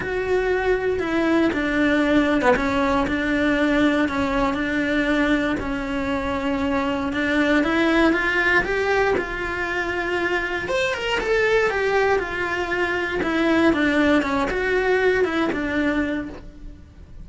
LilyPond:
\new Staff \with { instrumentName = "cello" } { \time 4/4 \tempo 4 = 118 fis'2 e'4 d'4~ | d'8. b16 cis'4 d'2 | cis'4 d'2 cis'4~ | cis'2 d'4 e'4 |
f'4 g'4 f'2~ | f'4 c''8 ais'8 a'4 g'4 | f'2 e'4 d'4 | cis'8 fis'4. e'8 d'4. | }